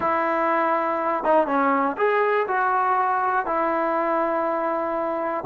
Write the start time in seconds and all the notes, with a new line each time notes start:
0.00 E4
1.24 D#4
1.46 C#4
1.97 G#4
2.47 F#4
3.46 E4